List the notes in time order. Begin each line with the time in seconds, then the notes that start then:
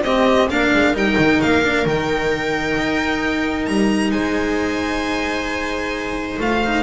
0.00 C4 G4 D#5
0.49 A#3 D4 A#4 F5
0.73 G#3
0.93 G3 D#4 G5
1.18 D#3
1.41 A#3 F5
1.62 D4
1.85 D#3 D#4 G5
2.77 D#4
3.65 G3 A#5
4.10 G#3 C5 G#5
6.39 A3 F4 F5
6.65 D#4